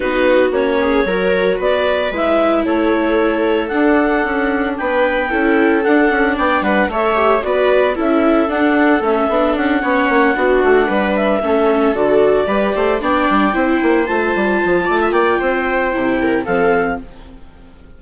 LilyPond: <<
  \new Staff \with { instrumentName = "clarinet" } { \time 4/4 \tempo 4 = 113 b'4 cis''2 d''4 | e''4 cis''2 fis''4~ | fis''4 g''2 fis''4 | g''8 fis''8 e''4 d''4 e''4 |
fis''4 e''4 fis''2~ | fis''4 e''4. d''4.~ | d''8 g''2 a''4.~ | a''8 g''2~ g''8 f''4 | }
  \new Staff \with { instrumentName = "viola" } { \time 4/4 fis'4. gis'8 ais'4 b'4~ | b'4 a'2.~ | a'4 b'4 a'2 | d''8 b'8 cis''4 b'4 a'4~ |
a'2~ a'8 cis''4 fis'8~ | fis'8 b'4 a'2 b'8 | c''8 d''4 c''2~ c''8 | d''16 e''16 d''8 c''4. ais'8 a'4 | }
  \new Staff \with { instrumentName = "viola" } { \time 4/4 dis'4 cis'4 fis'2 | e'2. d'4~ | d'2 e'4 d'4~ | d'4 a'8 g'8 fis'4 e'4 |
d'4 cis'8 d'4 cis'4 d'8~ | d'4. cis'4 fis'4 g'8~ | g'8 d'4 e'4 f'4.~ | f'2 e'4 c'4 | }
  \new Staff \with { instrumentName = "bassoon" } { \time 4/4 b4 ais4 fis4 b4 | gis4 a2 d'4 | cis'4 b4 cis'4 d'8 cis'8 | b8 g8 a4 b4 cis'4 |
d'4 a8 b8 cis'8 b8 ais8 b8 | a8 g4 a4 d4 g8 | a8 b8 g8 c'8 ais8 a8 g8 f8 | a8 ais8 c'4 c4 f4 | }
>>